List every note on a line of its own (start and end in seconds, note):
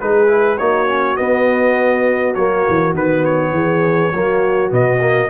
0.00 0.59 G#3
0.00 0.27 D#4
0.00 0.58 G#4
0.00 0.57 B4
0.27 0.56 E4
0.57 1.18 A#3
0.57 0.87 D#4
0.57 3.52 F#4
0.57 1.16 C#5
0.87 1.16 C#4
1.16 2.34 B3
1.16 2.36 B3
1.16 2.34 D#5
2.34 2.65 F#3
2.34 2.95 A#3
2.34 2.93 C#5
2.68 2.94 E3
2.94 3.51 D#3
2.94 4.12 B3
2.94 3.25 B4
3.25 4.72 C#5
3.51 4.10 E3
3.51 4.12 G#4
4.12 4.71 F#3
4.12 4.69 A#3
4.12 5.29 F#4
4.69 5.29 B2
4.69 4.99 B3
4.69 5.29 D#5
5.00 5.29 A#3